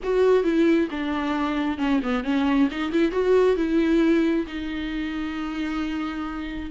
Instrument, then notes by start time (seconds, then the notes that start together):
viola
0.03 F#4
0.43 E4
0.91 D4
1.78 C#4
2.02 B3
2.23 C#4
2.70 D#4
2.92 E4
3.11 F#4
3.56 E4
4.47 D#4